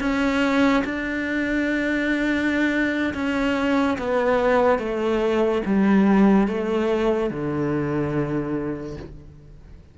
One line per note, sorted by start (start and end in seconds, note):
0.00 0.83 C#4
0.85 3.14 D4
3.14 3.98 C#4
3.98 4.79 B3
4.79 5.62 A3
5.66 6.48 G3
6.48 7.31 A3
7.31 8.97 D3